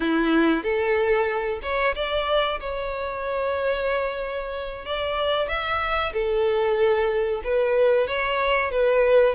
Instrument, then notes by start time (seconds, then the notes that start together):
violin
0.00 E4
0.63 A4
1.62 C#5
1.95 D5
2.60 C#5
4.85 D5
5.48 E5
6.13 A4
7.44 B4
8.07 C#5
8.71 B4